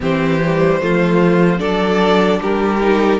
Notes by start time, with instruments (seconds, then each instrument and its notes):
0.00 cello E3, viola C4, violin G4 C5
0.41 viola G3
0.80 cello F3, viola A3, violin F4
1.58 cello F#3, viola D4, violin A4 D5
2.40 cello G3, violin G4 A#4
2.80 viola D#4